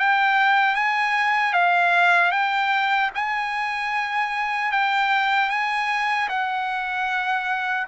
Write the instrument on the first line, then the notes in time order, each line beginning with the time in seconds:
trumpet
0.00 G5
0.75 G#5
1.54 F5
2.32 G5
3.15 G#5
4.72 G5
5.50 G#5
6.29 F#5